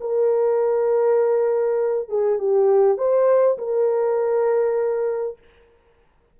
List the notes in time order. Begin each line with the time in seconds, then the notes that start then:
0.00 A#4
2.09 G#4
2.39 G4
2.97 C5
3.58 A#4